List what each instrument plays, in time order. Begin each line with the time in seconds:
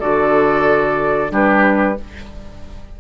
0.00 bassoon D3, clarinet F#4, oboe A4, flute D5
1.29 bassoon G3, clarinet D4, oboe G4, flute B4